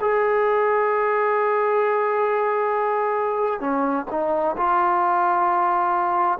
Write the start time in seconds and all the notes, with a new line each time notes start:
0.00 G#4
3.60 C#4
4.10 D#4
4.57 F4